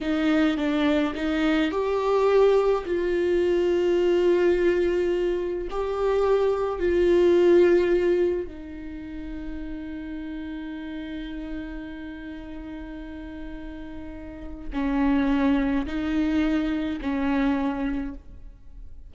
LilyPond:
\new Staff \with { instrumentName = "viola" } { \time 4/4 \tempo 4 = 106 dis'4 d'4 dis'4 g'4~ | g'4 f'2.~ | f'2 g'2 | f'2. dis'4~ |
dis'1~ | dis'1~ | dis'2 cis'2 | dis'2 cis'2 | }